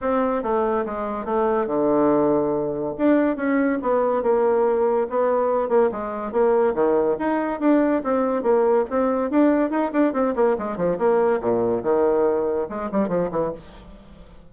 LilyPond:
\new Staff \with { instrumentName = "bassoon" } { \time 4/4 \tempo 4 = 142 c'4 a4 gis4 a4 | d2. d'4 | cis'4 b4 ais2 | b4. ais8 gis4 ais4 |
dis4 dis'4 d'4 c'4 | ais4 c'4 d'4 dis'8 d'8 | c'8 ais8 gis8 f8 ais4 ais,4 | dis2 gis8 g8 f8 e8 | }